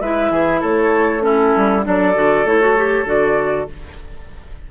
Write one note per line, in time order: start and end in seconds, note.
0.00 0.30 G#3
0.00 1.21 E4
0.00 0.31 B4
0.00 0.62 E5
0.30 0.61 E3
0.30 0.60 G#4
0.60 1.55 A3
0.60 1.21 A4
0.60 1.22 C#5
1.21 1.82 C#4
1.21 1.85 E4
1.21 1.83 A4
1.56 1.86 G3
1.83 2.16 F#3
1.83 2.14 D4
1.83 3.70 A4
1.83 2.45 D5
2.15 2.44 D3
2.15 2.45 F#4
2.44 3.04 A3
2.44 2.61 E4
2.44 3.07 C#5
2.61 2.76 F#4
2.77 3.06 G4
3.04 3.66 D3
3.04 3.67 F#4
3.04 3.69 D5